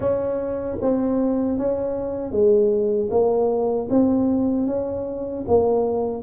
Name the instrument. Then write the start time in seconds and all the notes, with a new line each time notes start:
tuba
0.00 C#4
0.81 C4
1.58 C#4
2.31 G#3
3.10 A#3
3.90 C4
4.66 C#4
5.47 A#3